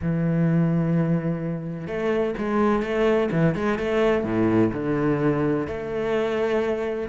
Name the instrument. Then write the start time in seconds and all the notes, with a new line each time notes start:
cello
0.02 E3
1.87 A3
2.38 G#3
2.82 A3
3.31 E3
3.55 G#3
3.79 A3
4.23 A2
4.72 D3
5.67 A3